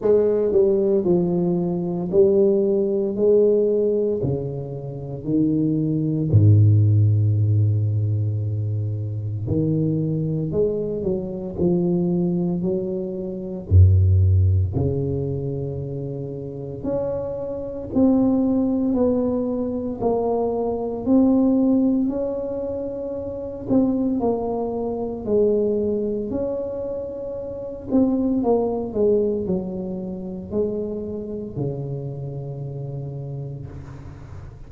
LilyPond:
\new Staff \with { instrumentName = "tuba" } { \time 4/4 \tempo 4 = 57 gis8 g8 f4 g4 gis4 | cis4 dis4 gis,2~ | gis,4 dis4 gis8 fis8 f4 | fis4 fis,4 cis2 |
cis'4 c'4 b4 ais4 | c'4 cis'4. c'8 ais4 | gis4 cis'4. c'8 ais8 gis8 | fis4 gis4 cis2 | }